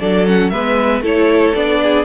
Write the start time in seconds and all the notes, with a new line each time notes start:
0.00 F#3 D4 A4 D5
0.27 C#4 F#5
0.50 G#3 B3 B4 E5
1.01 A3 E4 A4 C#5
1.55 B3 D4 D5
1.83 G#4